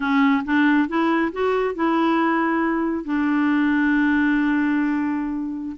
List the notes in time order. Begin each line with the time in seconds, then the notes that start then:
0.00 C#4
0.45 D4
0.88 E4
1.32 F#4
1.75 E4
3.04 D4